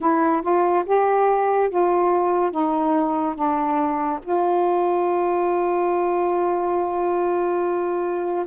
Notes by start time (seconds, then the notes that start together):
0.00 E4
0.41 F4
0.85 G4
1.69 F4
2.51 D#4
3.35 D4
4.23 F4